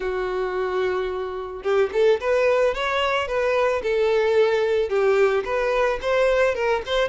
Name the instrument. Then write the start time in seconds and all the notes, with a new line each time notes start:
violin
0.00 F#4
1.62 G4
1.92 A4
2.20 B4
2.74 C#5
3.27 B4
3.82 A4
4.89 G4
5.44 B4
6.01 C5
6.55 A#4
6.86 C5